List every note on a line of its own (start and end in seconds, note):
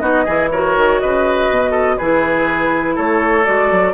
0.00 0.26 B3
0.00 0.26 D#4
0.00 0.25 F#4
0.00 0.49 D#5
0.25 0.77 E3
0.25 0.52 E4
0.25 0.50 G#4
0.51 2.00 F#4
0.51 1.01 A#4
0.51 1.01 C#5
0.77 1.02 D#3
1.01 1.50 C#3
1.01 1.71 B4
1.01 1.98 D#5
1.50 1.99 B2
1.71 1.96 A4
1.98 2.98 E3
1.98 3.45 E4
1.98 2.96 G#4
1.98 2.96 B4
2.96 3.47 A3
2.96 3.94 A4
2.96 3.45 C#5
3.45 3.72 G#3
3.45 3.94 F#4
3.45 3.94 D5
3.72 3.94 F#3